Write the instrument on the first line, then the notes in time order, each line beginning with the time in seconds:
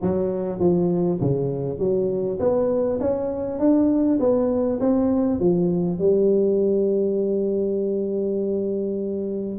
tuba
0.01 F#3
0.59 F3
1.20 C#3
1.78 F#3
2.39 B3
3.00 C#4
3.59 D4
4.19 B3
4.79 C4
5.39 F3
5.98 G3